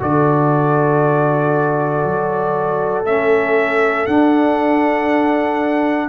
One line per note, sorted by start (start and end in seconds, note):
0.00 2.04 D3
0.00 3.05 F#4
0.00 6.08 A4
0.00 3.06 D5
2.04 3.05 F#3
3.05 4.07 A3
3.05 4.07 C#4
3.05 4.06 E5
4.06 6.08 D4
4.06 6.08 F#5